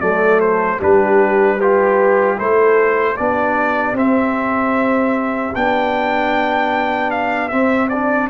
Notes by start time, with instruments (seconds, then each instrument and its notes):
0.00 tuba F#3, trombone A3, horn A4, trumpet D5
0.40 trumpet C5
0.78 tuba G3, trombone D4, horn G4, trumpet B4
1.58 trombone F4, trumpet G4, horn B4
2.36 tuba A3, trombone E4, horn A4, trumpet C5
3.16 tuba B3, trombone D4, horn G4, trumpet D5
3.93 tuba C4, trombone C4, trumpet E5
5.55 tuba B3, trombone D4, trumpet G5
7.11 trumpet F5
7.48 trombone C4, tuba C4, trumpet E5
7.88 trombone D4, trumpet D5